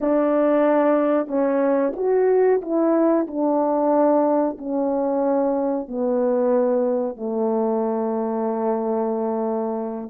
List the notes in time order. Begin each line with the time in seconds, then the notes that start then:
0.00 D4
1.27 C#4
1.96 F#4
2.61 E4
3.27 D4
4.57 C#4
5.88 B3
7.16 A3